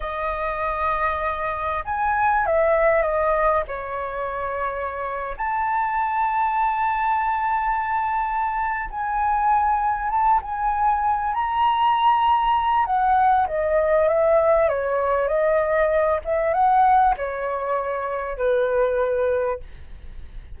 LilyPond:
\new Staff \with { instrumentName = "flute" } { \time 4/4 \tempo 4 = 98 dis''2. gis''4 | e''4 dis''4 cis''2~ | cis''8. a''2.~ a''16~ | a''2~ a''8 gis''4.~ |
gis''8 a''8 gis''4. ais''4.~ | ais''4 fis''4 dis''4 e''4 | cis''4 dis''4. e''8 fis''4 | cis''2 b'2 | }